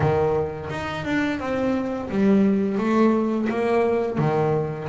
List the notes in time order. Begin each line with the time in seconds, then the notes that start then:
0.00 D#3
0.70 D#4
1.05 D4
1.39 C4
2.09 G3
2.78 A3
3.49 A#3
4.18 D#3